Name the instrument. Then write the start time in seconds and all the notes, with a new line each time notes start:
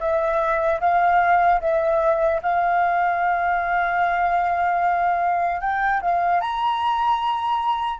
flute
0.00 E5
0.80 F5
1.61 E5
2.43 F5
5.61 G5
6.01 F5
6.41 A#5